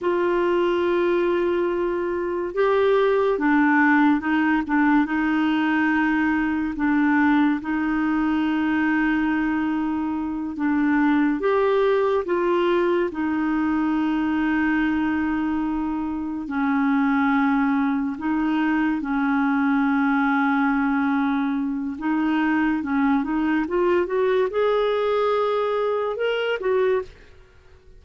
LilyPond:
\new Staff \with { instrumentName = "clarinet" } { \time 4/4 \tempo 4 = 71 f'2. g'4 | d'4 dis'8 d'8 dis'2 | d'4 dis'2.~ | dis'8 d'4 g'4 f'4 dis'8~ |
dis'2.~ dis'8 cis'8~ | cis'4. dis'4 cis'4.~ | cis'2 dis'4 cis'8 dis'8 | f'8 fis'8 gis'2 ais'8 fis'8 | }